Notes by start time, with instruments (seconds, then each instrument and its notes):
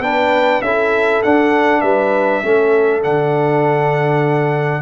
0.00 tuba B3, trombone D4, horn B4, trumpet G5
0.61 tuba C#4, trombone E4, horn A4, trumpet E5
1.23 trombone D4, tuba D4, trumpet F#5
1.81 tuba G3, horn B4, trumpet E5
2.43 tuba A3, trombone C#4, horn A4
3.03 tuba D3, trombone D4, trumpet F#5